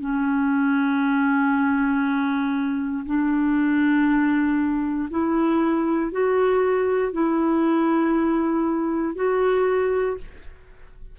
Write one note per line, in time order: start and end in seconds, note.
0.00 3.05 C#4
3.06 5.09 D4
5.10 6.12 E4
6.12 7.12 F#4
7.12 9.15 E4
9.15 10.17 F#4